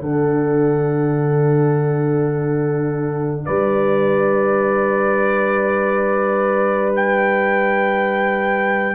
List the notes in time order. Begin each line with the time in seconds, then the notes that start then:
0.00 D3 D4 A4 F#5
3.45 G3 B4 D5
6.96 G5